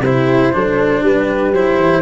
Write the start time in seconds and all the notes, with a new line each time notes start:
0.00 C3 E4 G4 C5
0.53 F#3 D4 A4
1.03 G3 G4 B4
1.52 F#3 E4 C5
1.76 E3